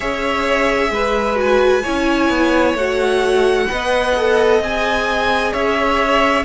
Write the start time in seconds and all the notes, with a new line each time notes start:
0.00 C#4 G#4 C#5 E5
0.90 G#3 B4
1.35 F#4 G#5
1.82 C#4 E4 C#5
2.29 B3
2.73 A3 F#4 F#5
3.68 B3 B4 D#5
4.17 A4
4.60 C4 G#4 G#5
5.52 C#4 C#5 E5